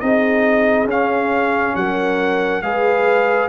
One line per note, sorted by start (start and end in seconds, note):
0.00 0.86 C4
0.00 0.88 D#4
0.00 1.77 G#4
0.00 0.87 D#5
0.86 1.73 C#4
0.86 2.63 C#4
0.86 1.76 F5
1.76 2.62 F#3
1.76 2.64 A#4
1.76 2.62 F#5
2.62 3.49 G#3
2.62 3.49 G#4
2.62 3.49 B4
2.62 3.49 F5